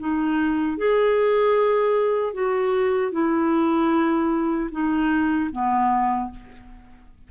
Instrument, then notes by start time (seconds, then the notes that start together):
clarinet
0.00 D#4
0.78 G#4
2.34 F#4
3.12 E4
4.72 D#4
5.52 B3